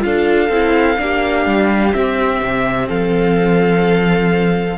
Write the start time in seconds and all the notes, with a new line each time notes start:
0.00 D4 F4 A4 F5
0.49 C4 E4
0.98 A#3 D4 G4
1.46 G3
1.92 C4 E5
2.42 C3
2.87 F3 A4 F5